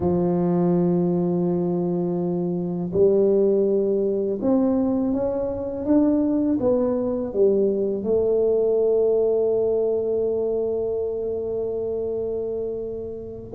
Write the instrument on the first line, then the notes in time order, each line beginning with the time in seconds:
tuba
0.00 F3
2.92 G3
4.41 C4
5.13 C#4
5.85 D4
6.60 B3
7.33 G3
8.03 A3